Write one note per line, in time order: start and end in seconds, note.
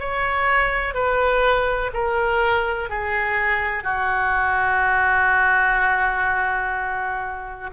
0.00 0.95 C#5
0.95 1.92 B4
1.94 2.90 A#4
2.90 3.84 G#4
3.84 7.71 F#4